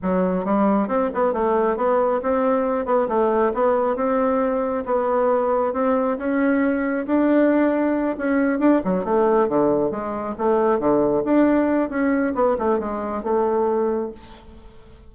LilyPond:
\new Staff \with { instrumentName = "bassoon" } { \time 4/4 \tempo 4 = 136 fis4 g4 c'8 b8 a4 | b4 c'4. b8 a4 | b4 c'2 b4~ | b4 c'4 cis'2 |
d'2~ d'8 cis'4 d'8 | fis8 a4 d4 gis4 a8~ | a8 d4 d'4. cis'4 | b8 a8 gis4 a2 | }